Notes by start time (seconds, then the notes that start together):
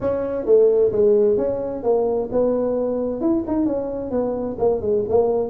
0.01 C#4
0.45 A3
0.92 G#3
1.37 C#4
1.83 A#3
2.31 B3
3.20 E4
3.47 D#4
3.66 C#4
4.11 B3
4.59 A#3
4.81 G#3
5.08 A#3